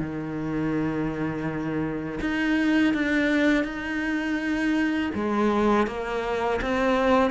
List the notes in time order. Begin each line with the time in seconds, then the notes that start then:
0.00 D#3
2.21 D#4
2.94 D4
3.65 D#4
5.15 G#3
5.87 A#3
6.62 C4